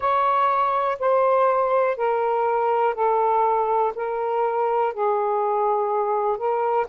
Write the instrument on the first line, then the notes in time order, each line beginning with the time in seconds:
saxophone
0.00 C#5
0.99 C5
1.97 A#4
2.94 A4
3.95 A#4
4.93 G#4
6.37 A#4